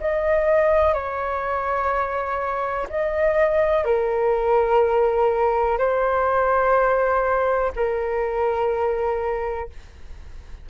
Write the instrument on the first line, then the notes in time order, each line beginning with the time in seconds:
flute
0.00 D#5
0.94 C#5
2.89 D#5
3.84 A#4
5.78 C5
7.76 A#4